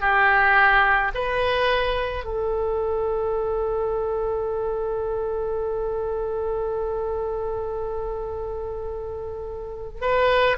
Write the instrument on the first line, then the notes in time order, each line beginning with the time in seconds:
oboe
0.00 G4
1.14 B4
2.24 A4
10.01 B4